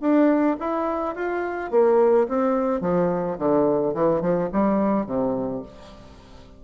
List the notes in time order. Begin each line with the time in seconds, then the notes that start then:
0.00 D4
0.59 E4
1.15 F4
1.71 A#3
2.28 C4
2.81 F3
3.38 D3
3.94 E3
4.21 F3
4.52 G3
5.06 C3